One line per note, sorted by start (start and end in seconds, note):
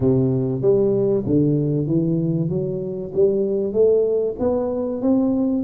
0.00 0.61 C3
0.61 1.24 G3
1.26 1.86 D3
1.86 2.49 E3
2.49 3.11 F#3
3.14 3.72 G3
3.72 4.35 A3
4.39 5.01 B3
5.01 5.63 C4